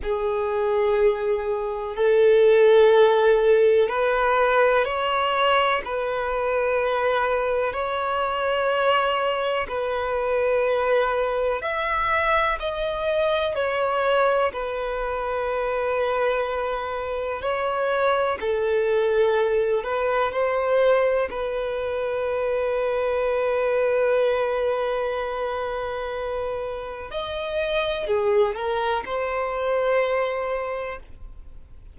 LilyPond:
\new Staff \with { instrumentName = "violin" } { \time 4/4 \tempo 4 = 62 gis'2 a'2 | b'4 cis''4 b'2 | cis''2 b'2 | e''4 dis''4 cis''4 b'4~ |
b'2 cis''4 a'4~ | a'8 b'8 c''4 b'2~ | b'1 | dis''4 gis'8 ais'8 c''2 | }